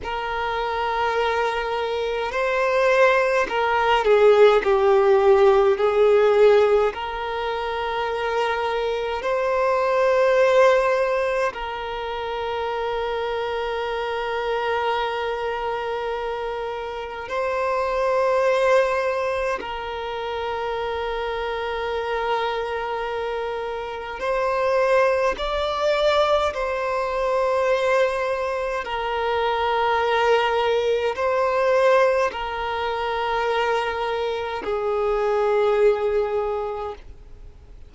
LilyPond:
\new Staff \with { instrumentName = "violin" } { \time 4/4 \tempo 4 = 52 ais'2 c''4 ais'8 gis'8 | g'4 gis'4 ais'2 | c''2 ais'2~ | ais'2. c''4~ |
c''4 ais'2.~ | ais'4 c''4 d''4 c''4~ | c''4 ais'2 c''4 | ais'2 gis'2 | }